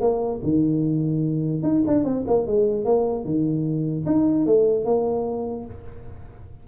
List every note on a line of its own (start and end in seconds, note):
0.00 0.40 A#3
0.43 1.63 D#3
1.63 1.83 D#4
1.87 2.04 D4
2.04 2.24 C4
2.27 2.47 A#3
2.47 2.84 G#3
2.84 3.24 A#3
3.24 4.05 D#3
4.06 4.46 D#4
4.46 4.84 A3
4.84 5.65 A#3